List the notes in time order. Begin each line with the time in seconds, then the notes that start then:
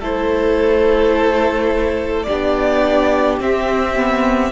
0.00 A3 E4 A4 C5
2.23 D4 G4 D5
2.31 B3
3.40 C4 E5
3.96 B3